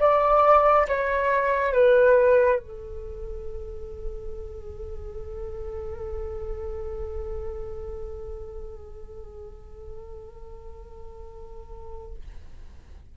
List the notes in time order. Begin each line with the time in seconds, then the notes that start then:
0.00 D5
0.89 C#5
1.73 B4
2.60 A4